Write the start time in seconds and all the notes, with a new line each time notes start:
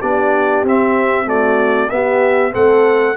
0.00 B3 D4 G4 D5
0.63 C4 E5
1.25 A3 F#4 D5
1.90 B3 G4 E5
2.52 A3 C4 A4 F#5